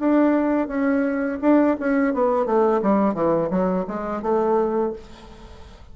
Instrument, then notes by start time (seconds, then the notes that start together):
bassoon
0.00 D4
0.68 C#4
1.42 D4
1.80 C#4
2.14 B3
2.46 A3
2.83 G3
3.15 E3
3.51 F#3
3.88 G#3
4.23 A3